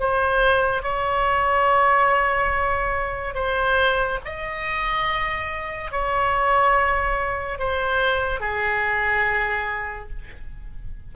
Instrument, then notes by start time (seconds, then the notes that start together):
oboe
0.00 C5
0.83 C#5
3.35 C5
4.26 D#5
5.92 C#5
7.59 C5
8.41 G#4